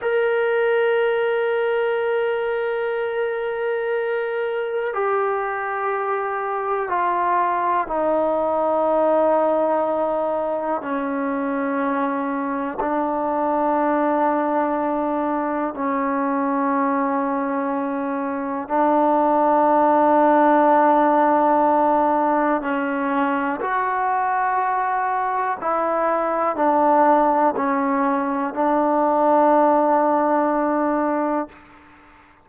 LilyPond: \new Staff \with { instrumentName = "trombone" } { \time 4/4 \tempo 4 = 61 ais'1~ | ais'4 g'2 f'4 | dis'2. cis'4~ | cis'4 d'2. |
cis'2. d'4~ | d'2. cis'4 | fis'2 e'4 d'4 | cis'4 d'2. | }